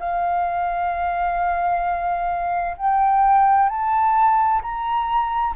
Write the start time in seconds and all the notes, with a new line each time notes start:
0.00 F5
2.78 G5
3.70 A5
4.62 A#5